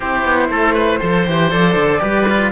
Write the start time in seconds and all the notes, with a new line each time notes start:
0.00 C4 E4 G4 C5
0.24 B3
0.49 A3 A4
0.74 B4
0.99 F3 A4 C5
1.26 E3 G4
1.50 F3 A4 D5
1.74 D3
2.00 G3 G4 B4
2.28 F4